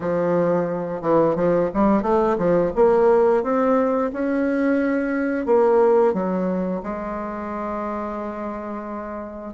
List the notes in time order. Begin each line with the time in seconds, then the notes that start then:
0.00 F3
1.01 E3
1.35 F3
1.74 G3
2.02 A3
2.37 F3
2.75 A#3
3.43 C4
4.12 C#4
5.46 A#3
6.13 F#3
6.83 G#3